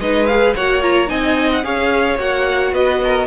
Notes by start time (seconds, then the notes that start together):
0.00 G#3 D#4 B4 D#5
0.27 G#4 F5
0.56 A#3 F#4 C#5 F#5
0.82 F4 A#5
1.08 C4 D#4 D#5 G#5
1.53 F#5
1.64 C#4 G#4 C#5 F5
2.19 A#3 F#4 F#5
2.73 B3 B4 D#5
3.04 A#4